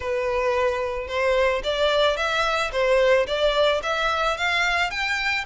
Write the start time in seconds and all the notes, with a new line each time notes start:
0.00 B4
1.07 C5
1.63 D5
2.16 E5
2.71 C5
3.26 D5
3.83 E5
4.37 F5
4.90 G5